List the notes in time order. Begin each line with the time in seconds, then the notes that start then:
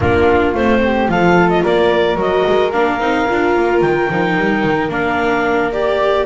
0.00 A#3 D4 F4 A#4
0.54 A3 C4 C5
0.84 G4
1.07 F3 F4 A4 F5
1.49 D#5
1.62 A#3 A#4 D5
2.15 F#3 F#4 D#5
2.47 G#3
2.71 A#3 D4 F5
2.99 C4 D#4
3.28 D4 F4
3.56 A#3
3.81 D#3 G5
4.10 F3 D#4
4.37 G3
4.63 D#3
4.88 A#3 D4 F5
5.72 G4 D5